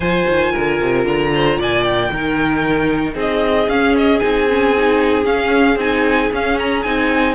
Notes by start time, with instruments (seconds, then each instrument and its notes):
0.00 cello F3, viola F4, violin C5 G#5
0.27 cello D#3
0.52 cello D3, violin A#4
0.80 cello C3
1.04 cello D3, violin A#5
1.34 violin C5
1.57 cello A#2, violin D5 G#5
1.83 violin G5
2.10 cello D#3, viola D#4, violin A#4
3.13 cello C4, violin G#4 D#5
3.68 cello C#4, viola C#4, violin F5
3.96 violin D#5
4.19 cello C4, viola D#4, violin G#5
4.50 viola C#4
4.77 viola D#4
5.24 viola C#4, cello C#4, violin F5
5.76 cello C4, viola D#4, violin G#5
6.32 cello C#4, viola C#4, violin F5
6.58 violin A#5
6.82 cello C4, viola D#4, violin G#5